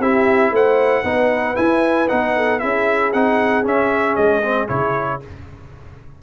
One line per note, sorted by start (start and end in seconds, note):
0.00 0.52 C4
0.00 1.05 E4
0.00 0.52 G4
0.00 0.54 E5
0.52 1.04 A3
0.52 1.05 C5
0.52 1.56 F#5
1.04 1.56 B3
1.04 1.56 D#4
1.04 2.37 B4
1.56 2.08 E4
1.56 2.11 E4
1.56 2.09 G#5
2.09 2.64 B3
2.09 2.61 D#4
2.09 2.60 F#5
2.37 2.62 A4
2.60 3.14 C#4
2.60 3.13 E4
2.60 5.23 G#4
2.60 3.12 E5
3.13 3.65 C4
3.13 3.64 D#4
3.13 3.65 F#5
3.64 4.42 C#4
3.64 4.17 C#4
3.64 4.16 E5
4.16 4.70 G#3
4.16 4.68 D#5
4.43 4.68 C4
4.68 5.23 C#3
4.68 5.20 E4
4.68 5.21 C#5